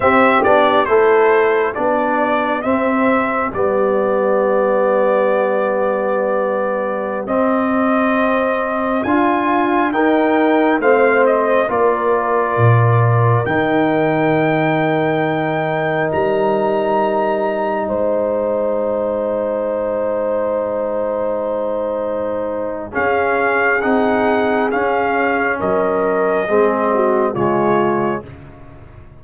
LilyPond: <<
  \new Staff \with { instrumentName = "trumpet" } { \time 4/4 \tempo 4 = 68 e''8 d''8 c''4 d''4 e''4 | d''1~ | d''16 dis''2 gis''4 g''8.~ | g''16 f''8 dis''8 d''2 g''8.~ |
g''2~ g''16 ais''4.~ ais''16~ | ais''16 gis''2.~ gis''8.~ | gis''2 f''4 fis''4 | f''4 dis''2 cis''4 | }
  \new Staff \with { instrumentName = "horn" } { \time 4/4 g'4 a'4 g'2~ | g'1~ | g'2~ g'16 f'4 ais'8.~ | ais'16 c''4 ais'2~ ais'8.~ |
ais'1~ | ais'16 c''2.~ c''8.~ | c''2 gis'2~ | gis'4 ais'4 gis'8 fis'8 f'4 | }
  \new Staff \with { instrumentName = "trombone" } { \time 4/4 c'8 d'8 e'4 d'4 c'4 | b1~ | b16 c'2 f'4 dis'8.~ | dis'16 c'4 f'2 dis'8.~ |
dis'1~ | dis'1~ | dis'2 cis'4 dis'4 | cis'2 c'4 gis4 | }
  \new Staff \with { instrumentName = "tuba" } { \time 4/4 c'8 b8 a4 b4 c'4 | g1~ | g16 c'2 d'4 dis'8.~ | dis'16 a4 ais4 ais,4 dis8.~ |
dis2~ dis16 g4.~ g16~ | g16 gis2.~ gis8.~ | gis2 cis'4 c'4 | cis'4 fis4 gis4 cis4 | }
>>